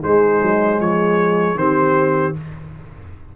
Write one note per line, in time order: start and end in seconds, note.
0.00 0.41 G#3
0.00 1.56 G#3
0.00 0.78 D#4
0.00 0.80 C5
0.42 0.80 F#3
0.80 1.54 F3
0.80 1.58 G#4
0.80 1.57 C#5
1.54 2.32 D#3
1.54 2.34 C4
1.54 2.36 G4
1.54 2.35 C5